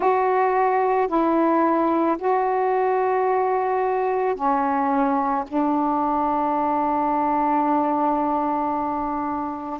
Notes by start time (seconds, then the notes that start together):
0.00 F#4
1.07 E4
2.18 F#4
4.35 C#4
5.47 D4